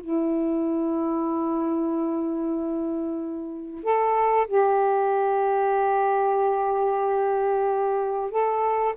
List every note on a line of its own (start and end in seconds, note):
0.00 3.83 E4
3.83 4.47 A4
4.47 8.30 G4
8.30 8.94 A4